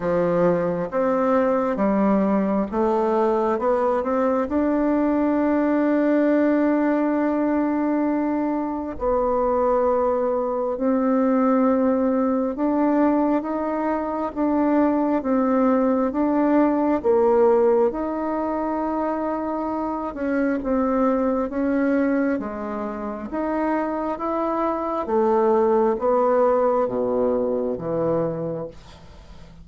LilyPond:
\new Staff \with { instrumentName = "bassoon" } { \time 4/4 \tempo 4 = 67 f4 c'4 g4 a4 | b8 c'8 d'2.~ | d'2 b2 | c'2 d'4 dis'4 |
d'4 c'4 d'4 ais4 | dis'2~ dis'8 cis'8 c'4 | cis'4 gis4 dis'4 e'4 | a4 b4 b,4 e4 | }